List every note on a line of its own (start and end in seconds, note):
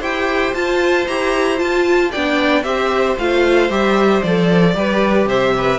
0.00 0.54 E4
0.00 0.55 G4
0.00 2.11 C5
0.00 0.54 G5
0.54 1.07 F4
0.54 1.07 A5
1.07 1.61 E4
1.07 1.58 G4
1.07 1.59 A#5
1.58 2.10 F4
1.58 2.14 F4
1.58 2.12 A5
2.11 2.64 B3
2.11 2.64 D4
2.11 2.64 D5
2.11 2.63 G5
2.63 3.16 C4
2.63 3.17 G4
2.63 4.74 C5
2.63 3.16 E5
3.19 3.70 A3
3.19 3.70 F4
3.19 3.71 F5
3.70 4.22 G3
3.70 4.22 G4
3.70 4.23 E5
4.23 4.76 F3
4.23 4.74 A4
4.23 5.28 D5
4.74 5.26 G3
4.74 5.79 G4
4.74 5.28 B4
5.26 5.79 C3
5.26 5.55 C5
5.26 5.79 E5
5.58 5.79 B4